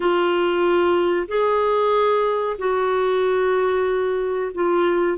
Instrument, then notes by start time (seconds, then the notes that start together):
clarinet
0.00 F4
1.28 G#4
2.58 F#4
4.54 F4